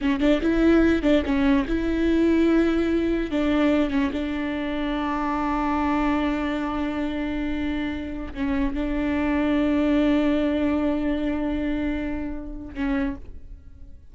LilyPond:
\new Staff \with { instrumentName = "viola" } { \time 4/4 \tempo 4 = 146 cis'8 d'8 e'4. d'8 cis'4 | e'1 | d'4. cis'8 d'2~ | d'1~ |
d'1~ | d'16 cis'4 d'2~ d'8.~ | d'1~ | d'2. cis'4 | }